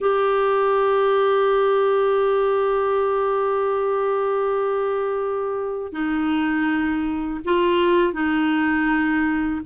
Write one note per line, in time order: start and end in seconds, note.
0.00 5.92 G4
5.92 7.40 D#4
7.44 8.13 F4
8.13 9.61 D#4